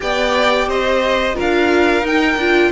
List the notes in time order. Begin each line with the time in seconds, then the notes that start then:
0.00 B3 G4 D5 G5
0.67 C4 C5 D#5
1.34 D4 F4 A#4 F5
2.02 D#4 G5
2.36 D4 F4